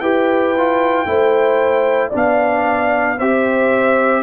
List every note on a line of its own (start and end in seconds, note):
0.00 1.05 E4
0.00 0.55 G4
0.00 1.07 B4
0.00 2.11 G5
0.57 1.06 F4
1.06 2.11 A3
1.06 2.11 E4
1.06 2.10 C5
2.10 3.20 B3
2.10 3.17 D4
2.10 3.15 D5
2.16 3.19 F5
3.18 4.23 C4
3.18 4.23 G4
3.18 4.23 C5
3.18 4.23 E5